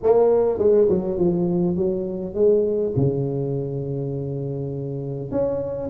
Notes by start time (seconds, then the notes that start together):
0.02 A#3
0.58 G#3
0.89 F#3
1.18 F3
1.76 F#3
2.34 G#3
2.96 C#3
5.31 C#4